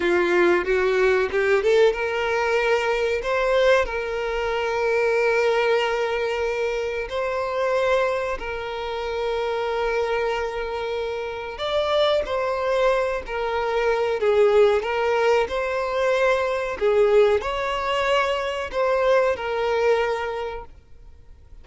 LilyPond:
\new Staff \with { instrumentName = "violin" } { \time 4/4 \tempo 4 = 93 f'4 fis'4 g'8 a'8 ais'4~ | ais'4 c''4 ais'2~ | ais'2. c''4~ | c''4 ais'2.~ |
ais'2 d''4 c''4~ | c''8 ais'4. gis'4 ais'4 | c''2 gis'4 cis''4~ | cis''4 c''4 ais'2 | }